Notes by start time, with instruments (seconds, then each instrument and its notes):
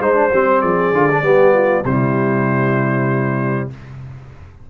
0.00 tuba G#3, trombone D#4, trumpet C5, horn C5
0.15 trombone D4
0.33 tuba G3, trombone C4
0.61 tuba F3, horn G#4, trumpet D5
0.93 tuba D3, trombone F4
1.11 trombone D4
1.22 tuba G3, trombone B3, horn G4
1.54 horn F4
1.85 tuba C3, trombone G3, horn E4, trumpet C5